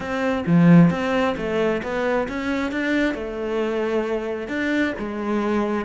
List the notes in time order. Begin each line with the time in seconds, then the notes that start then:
0.00 C4
0.46 F3
0.90 C4
1.37 A3
1.82 B3
2.28 C#4
2.71 D4
3.14 A3
4.48 D4
4.98 G#3